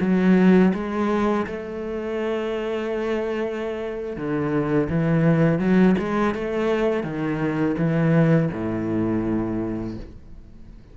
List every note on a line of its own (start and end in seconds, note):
0.00 0.72 F#3
0.73 1.46 G#3
1.46 4.16 A3
4.16 4.88 D3
4.89 5.59 E3
5.59 5.95 F#3
5.98 6.34 G#3
6.34 7.03 A3
7.03 7.75 D#3
7.77 8.50 E3
8.52 9.96 A2